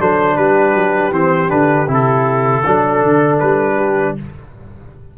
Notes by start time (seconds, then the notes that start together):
0.00 F#3 D4 A4 C5
0.36 G3 G4 B4
0.74 F#3
1.11 E3 C4 C5
1.49 D3 D4 B4
1.87 C3 E4
1.93 A4
2.66 F#3 D4 A4
3.02 D3
3.39 G3 B4
3.75 G4